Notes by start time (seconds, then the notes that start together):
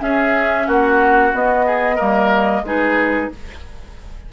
0.00 C#4 G#4 E5
0.67 A#3 F#4 F#5
1.33 B3 D#5
1.66 G#4
1.96 G3 A#3 A#4
2.62 G#3 D#4 G#4 B4